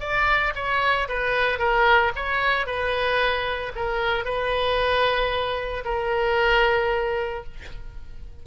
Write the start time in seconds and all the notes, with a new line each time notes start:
0.00 D5
0.55 C#5
1.08 B4
1.59 A#4
2.16 C#5
2.66 B4
3.76 A#4
4.25 B4
5.85 A#4